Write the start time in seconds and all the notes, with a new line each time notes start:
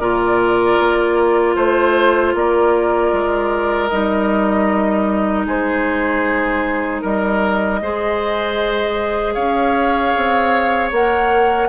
0.00 A#2 F4 A#4 D5
0.79 A#3
1.56 A3 C5
2.34 A#3 A#4 D5
3.13 G#3
3.89 G3 D#4 D#5
5.46 G#3 G#4 C5
7.02 G3 A#4 D#5
7.82 G#3 G#4 C5
9.34 C#4 C#5 F5
10.17 C4
10.92 A#3 A#4 F#5